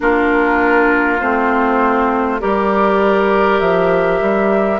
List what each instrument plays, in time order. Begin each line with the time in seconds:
0.00 bassoon A#3, clarinet D4, oboe F4, flute A#4
1.20 bassoon A3, clarinet C4, flute C5
2.39 bassoon G3, clarinet G4, oboe A#4, flute D5
3.60 bassoon F3, flute E5
4.21 bassoon G3